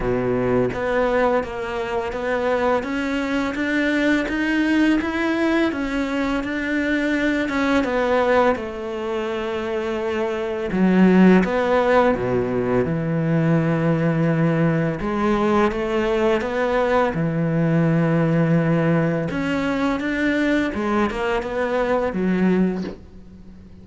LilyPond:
\new Staff \with { instrumentName = "cello" } { \time 4/4 \tempo 4 = 84 b,4 b4 ais4 b4 | cis'4 d'4 dis'4 e'4 | cis'4 d'4. cis'8 b4 | a2. fis4 |
b4 b,4 e2~ | e4 gis4 a4 b4 | e2. cis'4 | d'4 gis8 ais8 b4 fis4 | }